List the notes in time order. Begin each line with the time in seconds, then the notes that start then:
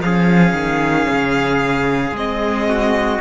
0.00 F3 C#4 G#4 F5
0.53 D#3
1.09 C#3
2.11 G#3 C4 D#5
2.69 F#4